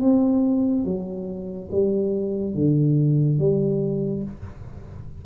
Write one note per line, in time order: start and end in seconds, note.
0.00 0.84 C4
0.84 1.69 F#3
1.71 2.54 G3
2.54 3.38 D3
3.38 4.23 G3